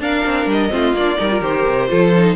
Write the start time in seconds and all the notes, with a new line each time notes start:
0.00 D4 A#4 F5
0.26 C4
0.46 G3
0.52 D#5
0.70 A3 C4 F4
0.94 A#3 D4 D5
1.18 G3 D#4 A#4
1.31 F4
1.41 D#3 G4 C5
1.67 C3
1.89 F3 F4 A4
2.18 D#4